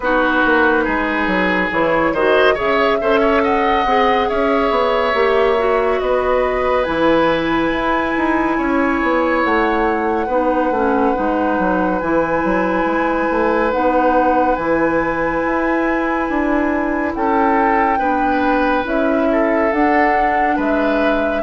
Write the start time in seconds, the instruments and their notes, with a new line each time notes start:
0.00 bassoon B3, clarinet D#4, oboe F#4, flute B4
0.45 bassoon A#3
0.84 bassoon G#3, oboe G#4
1.26 bassoon F#3
1.71 bassoon E3, clarinet E4, flute C#5
2.12 bassoon D#3, clarinet F#4, oboe C5, flute D#5
2.54 bassoon C#3, clarinet G#4, oboe C#5, flute E5
3.01 bassoon C#4, clarinet A4, oboe C5
3.20 oboe C#5
3.43 oboe D#5, flute F#5
3.85 bassoon C4, clarinet G#4
4.29 bassoon C#4, oboe C#5, flute E5
4.70 bassoon B3
5.14 bassoon A#3, clarinet G4
5.57 clarinet F#4
6.00 bassoon B3, oboe B4, flute D#5
6.83 bassoon E3, clarinet E4, flute G#5
7.71 bassoon E4
8.17 bassoon D#4
8.57 bassoon C#4, oboe C#5
9.02 bassoon B3
9.44 bassoon A3, flute F#5
10.26 bassoon B3, clarinet D#4, oboe B4
10.70 bassoon A3, clarinet C#4
11.14 bassoon G#3, clarinet D#4
11.58 bassoon F#3
11.99 bassoon E3, clarinet E4, flute G#5
12.44 bassoon F#3
12.85 bassoon G#3
13.30 bassoon A3
13.71 bassoon B3, clarinet D#4, flute F#5
14.55 bassoon E3, clarinet E4, flute G#5
15.46 bassoon E4
16.29 bassoon D4
17.14 bassoon C#4, oboe A4, flute G5
17.98 bassoon B3, clarinet D4, oboe B4
18.84 bassoon C#4, clarinet E4, flute E5
19.31 oboe A4
19.71 bassoon D4, clarinet D4, flute F#5
20.56 bassoon G#3, oboe B4, flute E5